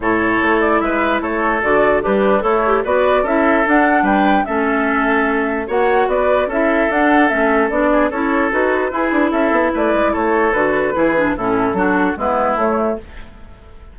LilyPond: <<
  \new Staff \with { instrumentName = "flute" } { \time 4/4 \tempo 4 = 148 cis''4. d''8 e''4 cis''4 | d''4 b'4 cis''4 d''4 | e''4 fis''4 g''4 e''4~ | e''2 fis''4 d''4 |
e''4 fis''4 e''4 d''4 | cis''4 b'2 e''4 | d''4 cis''4 b'2 | a'2 b'4 cis''4 | }
  \new Staff \with { instrumentName = "oboe" } { \time 4/4 a'2 b'4 a'4~ | a'4 d'4 e'4 b'4 | a'2 b'4 a'4~ | a'2 cis''4 b'4 |
a'2.~ a'8 gis'8 | a'2 gis'4 a'4 | b'4 a'2 gis'4 | e'4 fis'4 e'2 | }
  \new Staff \with { instrumentName = "clarinet" } { \time 4/4 e'1 | fis'4 g'4 a'8 g'8 fis'4 | e'4 d'2 cis'4~ | cis'2 fis'2 |
e'4 d'4 cis'4 d'4 | e'4 fis'4 e'2~ | e'2 fis'4 e'8 d'8 | cis'4 d'4 b4 a4 | }
  \new Staff \with { instrumentName = "bassoon" } { \time 4/4 a,4 a4 gis4 a4 | d4 g4 a4 b4 | cis'4 d'4 g4 a4~ | a2 ais4 b4 |
cis'4 d'4 a4 b4 | cis'4 dis'4 e'8 d'8 cis'8 b8 | a8 gis8 a4 d4 e4 | a,4 fis4 gis4 a4 | }
>>